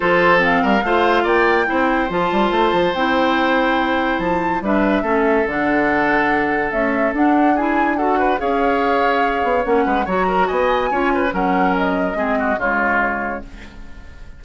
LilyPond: <<
  \new Staff \with { instrumentName = "flute" } { \time 4/4 \tempo 4 = 143 c''4 f''2 g''4~ | g''4 a''2 g''4~ | g''2 a''4 e''4~ | e''4 fis''2. |
e''4 fis''4 gis''4 fis''4 | f''2. fis''4 | ais''4 gis''2 fis''4 | dis''2 cis''2 | }
  \new Staff \with { instrumentName = "oboe" } { \time 4/4 a'4. ais'8 c''4 d''4 | c''1~ | c''2. b'4 | a'1~ |
a'2 gis'4 a'8 b'8 | cis''2.~ cis''8 b'8 | cis''8 ais'8 dis''4 cis''8 b'8 ais'4~ | ais'4 gis'8 fis'8 f'2 | }
  \new Staff \with { instrumentName = "clarinet" } { \time 4/4 f'4 c'4 f'2 | e'4 f'2 e'4~ | e'2. d'4 | cis'4 d'2. |
a4 d'4 e'4 fis'4 | gis'2. cis'4 | fis'2 f'4 cis'4~ | cis'4 c'4 gis2 | }
  \new Staff \with { instrumentName = "bassoon" } { \time 4/4 f4. g8 a4 ais4 | c'4 f8 g8 a8 f8 c'4~ | c'2 f4 g4 | a4 d2. |
cis'4 d'2. | cis'2~ cis'8 b8 ais8 gis8 | fis4 b4 cis'4 fis4~ | fis4 gis4 cis2 | }
>>